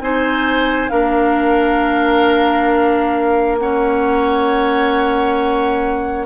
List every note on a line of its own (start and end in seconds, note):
0.00 0.90 C4
0.00 0.90 D#4
0.00 0.91 C5
0.00 0.89 G#5
0.89 6.26 A#3
0.89 3.58 D4
0.89 3.59 A#4
0.89 3.57 F5
3.58 6.26 C#4
3.58 6.26 C#5
3.58 6.26 F#5